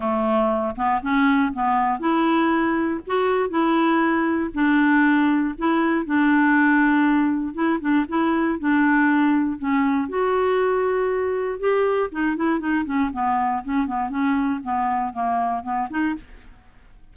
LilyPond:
\new Staff \with { instrumentName = "clarinet" } { \time 4/4 \tempo 4 = 119 a4. b8 cis'4 b4 | e'2 fis'4 e'4~ | e'4 d'2 e'4 | d'2. e'8 d'8 |
e'4 d'2 cis'4 | fis'2. g'4 | dis'8 e'8 dis'8 cis'8 b4 cis'8 b8 | cis'4 b4 ais4 b8 dis'8 | }